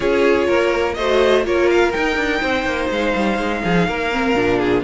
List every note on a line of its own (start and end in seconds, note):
0.00 0.48 C#4
0.00 0.96 F4
0.00 0.47 G#4
0.00 0.94 C#5
0.47 0.97 A#3
0.47 0.95 A#4
0.94 1.45 A3
0.94 1.46 C5
0.94 1.42 D#5
1.00 1.44 F#4
1.44 1.93 A#3
1.44 1.92 F4
1.44 2.41 A#4
1.44 1.70 C#5
1.70 1.92 F5
1.92 4.11 D#4
1.92 2.16 D#4
1.92 2.88 G5
2.16 2.40 D4
2.41 2.65 C4
2.41 3.62 C5
2.65 2.89 A#3
2.89 3.14 G#3
2.89 4.83 F5
3.15 3.37 G3
3.37 3.61 G#3
3.64 3.87 F3
3.64 3.88 G#4
3.87 4.34 A#3
3.87 4.59 A#4
4.11 4.35 C4
4.34 4.82 A#2
4.34 4.83 D4
4.59 4.83 G#4